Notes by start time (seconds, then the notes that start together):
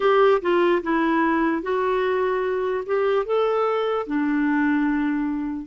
0.00 G4
0.41 F4
0.83 E4
1.62 F#4
2.86 G4
3.25 A4
4.07 D4